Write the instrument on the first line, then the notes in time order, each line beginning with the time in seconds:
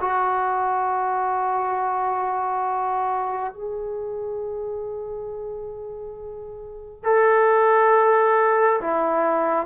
trombone
0.00 F#4
3.53 G#4
7.03 A4
8.81 E4